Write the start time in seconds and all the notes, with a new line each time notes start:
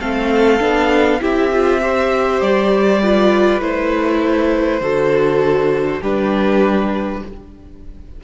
0.00 A3 C4 A4 F5
0.60 B3 D4
1.20 C4 E4 G4 E5
1.53 F4
1.81 G4 C5
2.41 G3 D5
3.03 F4 B4
3.60 A3 E4 C5
4.80 D3 F#4 A4
6.01 G3 D4 G4 B4